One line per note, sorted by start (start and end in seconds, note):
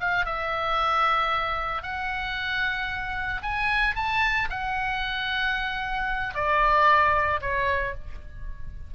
0.00 0.25 F5
0.25 1.82 E5
1.82 3.42 F#5
3.42 3.95 G#5
3.95 4.48 A5
4.50 6.34 F#5
6.34 7.40 D5
7.41 7.94 C#5